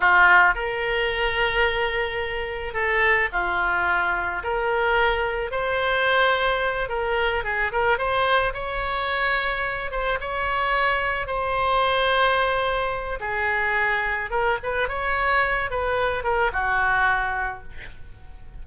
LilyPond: \new Staff \with { instrumentName = "oboe" } { \time 4/4 \tempo 4 = 109 f'4 ais'2.~ | ais'4 a'4 f'2 | ais'2 c''2~ | c''8 ais'4 gis'8 ais'8 c''4 cis''8~ |
cis''2 c''8 cis''4.~ | cis''8 c''2.~ c''8 | gis'2 ais'8 b'8 cis''4~ | cis''8 b'4 ais'8 fis'2 | }